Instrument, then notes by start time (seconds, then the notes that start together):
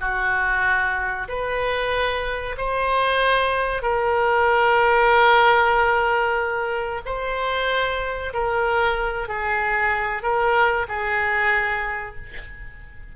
oboe
0.00 F#4
1.28 B4
2.57 C5
3.82 A#4
7.05 C5
8.34 A#4
9.28 G#4
10.22 A#4
10.88 G#4